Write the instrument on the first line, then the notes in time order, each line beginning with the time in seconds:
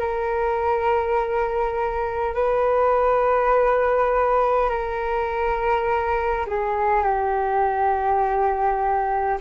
flute
0.00 A#4
2.35 B4
4.70 A#4
6.47 G#4
7.04 G4